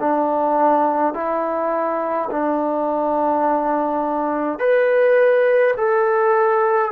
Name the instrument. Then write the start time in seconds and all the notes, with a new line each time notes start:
trombone
0.00 D4
1.14 E4
2.31 D4
4.59 B4
5.77 A4